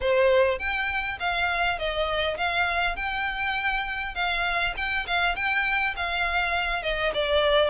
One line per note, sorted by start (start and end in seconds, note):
0.00 0.58 C5
0.58 1.18 G5
1.19 1.78 F5
1.78 2.37 D#5
2.37 2.95 F5
2.95 4.14 G5
4.14 4.74 F5
4.77 5.06 G5
5.07 5.35 F5
5.35 5.94 G5
5.96 6.82 F5
6.82 7.12 D#5
7.14 7.70 D5